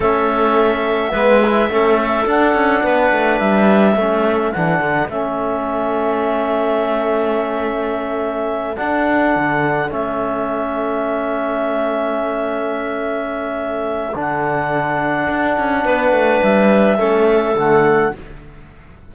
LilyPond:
<<
  \new Staff \with { instrumentName = "clarinet" } { \time 4/4 \tempo 4 = 106 e''1 | fis''2 e''2 | fis''4 e''2.~ | e''2.~ e''8 fis''8~ |
fis''4. e''2~ e''8~ | e''1~ | e''4 fis''2.~ | fis''4 e''2 fis''4 | }
  \new Staff \with { instrumentName = "clarinet" } { \time 4/4 a'2 b'4 a'4~ | a'4 b'2 a'4~ | a'1~ | a'1~ |
a'1~ | a'1~ | a'1 | b'2 a'2 | }
  \new Staff \with { instrumentName = "trombone" } { \time 4/4 cis'2 b8 e'8 cis'4 | d'2. cis'4 | d'4 cis'2.~ | cis'2.~ cis'8 d'8~ |
d'4. cis'2~ cis'8~ | cis'1~ | cis'4 d'2.~ | d'2 cis'4 a4 | }
  \new Staff \with { instrumentName = "cello" } { \time 4/4 a2 gis4 a4 | d'8 cis'8 b8 a8 g4 a4 | e8 d8 a2.~ | a2.~ a8 d'8~ |
d'8 d4 a2~ a8~ | a1~ | a4 d2 d'8 cis'8 | b8 a8 g4 a4 d4 | }
>>